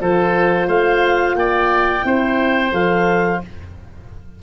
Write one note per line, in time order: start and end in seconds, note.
0.00 0.68 F3
0.00 2.02 F4
0.00 0.67 A4
0.00 0.69 C5
0.67 1.35 A3
0.67 1.36 C5
0.67 1.36 F5
1.35 2.03 A#3
1.35 2.06 D5
1.35 2.72 G5
2.02 2.73 C4
2.02 2.70 E4
2.02 3.43 C5
2.73 3.41 F3
2.73 3.41 A4
2.73 3.42 F5